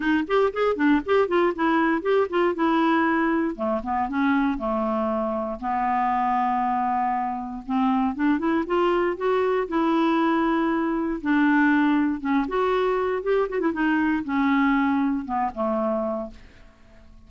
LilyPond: \new Staff \with { instrumentName = "clarinet" } { \time 4/4 \tempo 4 = 118 dis'8 g'8 gis'8 d'8 g'8 f'8 e'4 | g'8 f'8 e'2 a8 b8 | cis'4 a2 b4~ | b2. c'4 |
d'8 e'8 f'4 fis'4 e'4~ | e'2 d'2 | cis'8 fis'4. g'8 fis'16 e'16 dis'4 | cis'2 b8 a4. | }